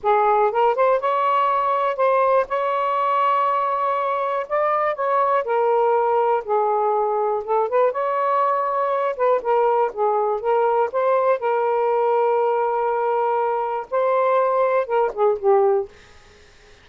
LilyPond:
\new Staff \with { instrumentName = "saxophone" } { \time 4/4 \tempo 4 = 121 gis'4 ais'8 c''8 cis''2 | c''4 cis''2.~ | cis''4 d''4 cis''4 ais'4~ | ais'4 gis'2 a'8 b'8 |
cis''2~ cis''8 b'8 ais'4 | gis'4 ais'4 c''4 ais'4~ | ais'1 | c''2 ais'8 gis'8 g'4 | }